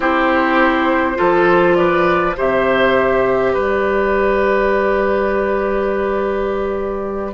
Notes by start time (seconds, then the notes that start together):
0.00 C4 E4 G4 C5
1.15 F3 F4 A4
1.75 B4 D5
2.37 C3 G4 C5 E5
3.53 G3 B4 D5